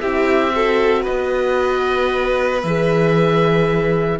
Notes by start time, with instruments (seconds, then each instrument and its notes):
0.00 cello C4, horn E4, violin G4, oboe E5
0.55 horn F#4, violin A4
1.02 cello B3, violin B4, oboe D#5
2.62 cello E3, horn G#4, oboe E5